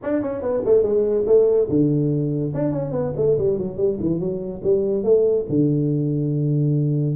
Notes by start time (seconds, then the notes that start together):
0.02 D4
0.22 C#4
0.42 B3
0.65 A3
0.82 G#3
1.26 A3
1.69 D3
2.54 D4
2.72 C#4
2.91 B3
3.16 A3
3.38 G3
3.58 F#3
3.77 G3
4.00 E3
4.19 F#3
4.63 G3
5.03 A3
5.49 D3